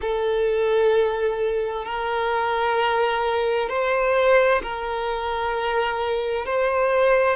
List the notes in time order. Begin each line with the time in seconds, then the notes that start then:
0.01 A4
1.85 A#4
3.69 C5
4.62 A#4
6.45 C5